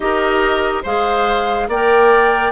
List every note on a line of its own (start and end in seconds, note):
0.00 0.83 D#4
0.00 0.84 G4
0.00 0.82 A#4
0.00 0.83 D#5
0.82 1.68 G#3
0.82 1.70 G#4
0.82 1.67 C5
0.82 1.69 F5
1.68 2.52 A#3
1.68 2.52 A#4
1.68 2.52 D5
1.68 2.52 G5